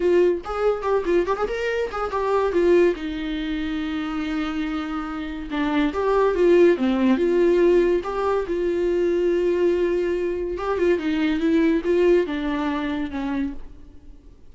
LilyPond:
\new Staff \with { instrumentName = "viola" } { \time 4/4 \tempo 4 = 142 f'4 gis'4 g'8 f'8 g'16 gis'16 ais'8~ | ais'8 gis'8 g'4 f'4 dis'4~ | dis'1~ | dis'4 d'4 g'4 f'4 |
c'4 f'2 g'4 | f'1~ | f'4 g'8 f'8 dis'4 e'4 | f'4 d'2 cis'4 | }